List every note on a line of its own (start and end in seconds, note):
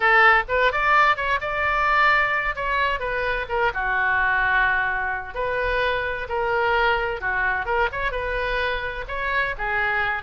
0.00 0.43 A4
0.48 0.71 B4
0.72 1.16 D5
1.16 1.39 C#5
1.40 2.55 D5
2.55 2.99 C#5
2.99 3.45 B4
3.48 3.71 A#4
3.74 5.34 F#4
5.34 6.27 B4
6.28 7.20 A#4
7.20 7.65 F#4
7.65 7.88 A#4
7.92 8.11 C#5
8.11 9.04 B4
9.08 9.54 C#5
9.58 10.22 G#4